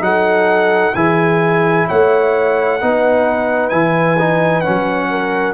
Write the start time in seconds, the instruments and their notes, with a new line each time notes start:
0.00 tuba F#3, trombone D#4, horn A4, trumpet F#5
0.94 tuba E3, trombone E4, horn G#4, trumpet G#5
1.87 tuba A3, horn C#5, trumpet F#5
2.81 tuba B3, trombone D#4, horn B4
3.69 tuba E3, trombone E4, trumpet G#5
4.19 trombone D#4
4.60 trombone C#4, trumpet F#5
4.67 tuba F#3
5.10 horn A#4